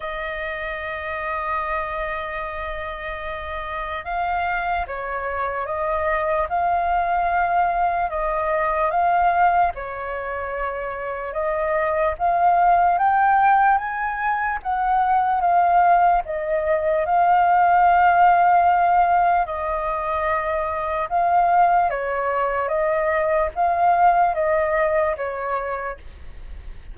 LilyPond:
\new Staff \with { instrumentName = "flute" } { \time 4/4 \tempo 4 = 74 dis''1~ | dis''4 f''4 cis''4 dis''4 | f''2 dis''4 f''4 | cis''2 dis''4 f''4 |
g''4 gis''4 fis''4 f''4 | dis''4 f''2. | dis''2 f''4 cis''4 | dis''4 f''4 dis''4 cis''4 | }